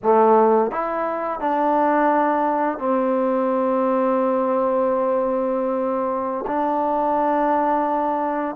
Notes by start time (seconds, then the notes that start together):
0.02 A3
0.71 E4
1.40 D4
2.78 C4
6.47 D4